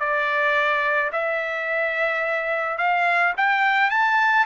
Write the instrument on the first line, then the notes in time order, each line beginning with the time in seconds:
trumpet
0.00 D5
1.12 E5
2.78 F5
3.38 G5
3.91 A5